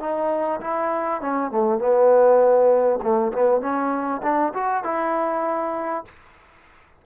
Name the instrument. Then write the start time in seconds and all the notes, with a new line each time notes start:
trombone
0.00 D#4
0.61 E4
1.21 C#4
1.52 A3
1.79 B3
3.02 A3
3.33 B3
3.61 C#4
4.23 D4
4.54 F#4
4.84 E4